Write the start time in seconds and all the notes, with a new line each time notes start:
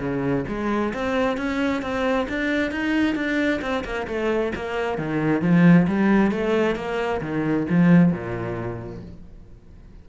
0.00 C#3
0.48 G#3
0.94 C4
1.38 C#4
1.82 C4
2.29 D4
2.72 D#4
3.16 D4
3.62 C4
3.85 A#3
4.08 A3
4.55 A#3
4.98 D#3
5.42 F3
5.88 G3
6.31 A3
6.76 A#3
7.22 D#3
7.70 F3
8.13 A#2